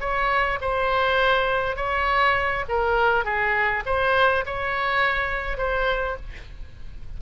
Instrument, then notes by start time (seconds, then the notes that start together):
oboe
0.00 C#5
0.61 C5
1.76 C#5
2.68 A#4
3.24 G#4
3.86 C5
4.45 C#5
5.57 C5